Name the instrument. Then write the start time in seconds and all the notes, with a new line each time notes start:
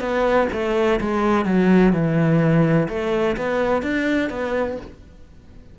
cello
0.00 B3
0.52 A3
1.01 G#3
1.45 F#3
1.93 E3
2.89 A3
3.37 B3
3.83 D4
4.30 B3